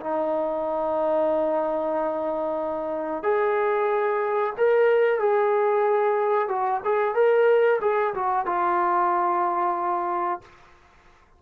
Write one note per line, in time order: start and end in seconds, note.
0.00 3.23 D#4
3.23 4.53 G#4
4.57 5.19 A#4
5.19 6.48 G#4
6.48 6.80 F#4
6.84 7.14 G#4
7.14 7.80 A#4
7.81 8.13 G#4
8.14 8.45 F#4
8.45 10.41 F4